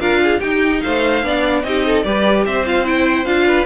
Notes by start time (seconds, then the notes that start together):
0.00 D4 F4 A#4 F5
0.24 G#4
0.40 D#4 G4 G5
0.81 A3 C5 F5
1.23 B3 D4 D5
1.63 C4 D#4 G4 D#5
1.86 A4
2.04 G3 G4 B4 D5
2.46 C4 C5 E5
2.66 F4 F5
2.85 E4 G5
3.25 D4 F4 F5
3.47 B4